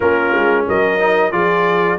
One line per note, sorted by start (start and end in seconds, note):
0.00 0.34 A#3
0.00 0.99 C#4
0.00 0.67 F4
0.00 0.65 A#4
0.34 0.67 G#3
0.67 1.31 F#3
0.67 1.32 A#4
0.67 1.31 D#5
0.99 1.32 D#4
1.31 1.98 F3
1.31 1.98 F4
1.31 1.98 G#4
1.31 1.98 D5